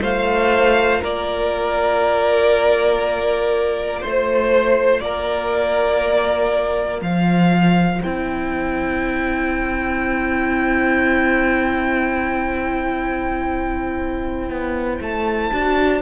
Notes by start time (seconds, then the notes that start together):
0.00 A3 F4 C5 F5
1.01 A#3 A#4 D5
4.01 A3 C5
5.00 A#3 A#4 D5
7.02 F3 C5 F5
8.03 C4 E4 G5
14.50 B3
15.01 A3 A5
15.52 D4 F#4